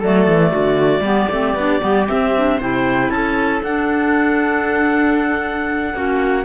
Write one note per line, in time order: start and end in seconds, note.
0.00 0.28 F#3
0.00 1.04 A3
0.00 0.51 A4
0.00 2.08 D5
0.28 0.54 E3
0.51 1.01 D3
0.51 1.02 F#4
1.01 1.27 G3
1.01 1.30 B3
1.01 2.58 G4
1.32 1.55 A3
1.32 1.58 C4
1.55 1.81 B3
1.55 1.80 D4
1.80 2.09 G3
1.80 2.06 B3
2.08 2.33 C4
2.08 2.61 C4
2.08 2.60 E5
2.36 2.61 D4
2.58 3.10 C3
2.58 3.64 E4
2.58 3.10 C5
2.58 3.10 G5
3.10 3.62 C#4
3.10 5.97 A4
3.10 3.62 A5
3.64 5.95 D4
3.64 5.96 D4
3.64 6.45 F#5
5.95 6.45 A#3
5.95 6.45 C#4
5.95 6.45 F#4